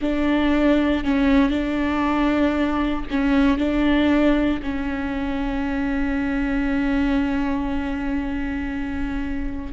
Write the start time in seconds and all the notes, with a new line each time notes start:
0.01 D4
1.03 C#4
1.50 D4
3.10 C#4
3.58 D4
4.62 C#4